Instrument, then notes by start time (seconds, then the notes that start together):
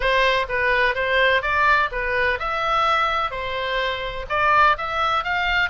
oboe
0.00 C5
0.48 B4
0.94 C5
1.42 D5
1.91 B4
2.39 E5
3.30 C5
4.29 D5
4.77 E5
5.24 F5